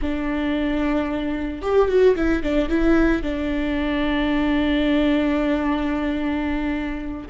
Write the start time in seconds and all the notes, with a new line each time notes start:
0.01 D4
1.61 G4
1.88 F#4
2.15 E4
2.42 D4
2.69 E4
3.22 D4